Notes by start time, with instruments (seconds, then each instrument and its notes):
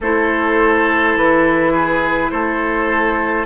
0.00 bassoon A3, clarinet E4, oboe A4, flute C5
1.15 bassoon E3, flute B4
1.73 oboe G#4
2.30 bassoon A3, oboe A4, flute C5